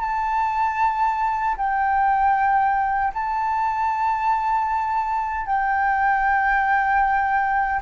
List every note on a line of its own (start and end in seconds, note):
0.00 1.56 A5
1.57 3.13 G5
3.13 5.46 A5
5.46 7.80 G5